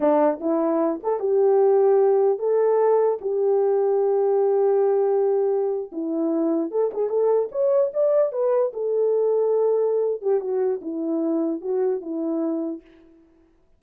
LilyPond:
\new Staff \with { instrumentName = "horn" } { \time 4/4 \tempo 4 = 150 d'4 e'4. a'8 g'4~ | g'2 a'2 | g'1~ | g'2~ g'8. e'4~ e'16~ |
e'8. a'8 gis'8 a'4 cis''4 d''16~ | d''8. b'4 a'2~ a'16~ | a'4. g'8 fis'4 e'4~ | e'4 fis'4 e'2 | }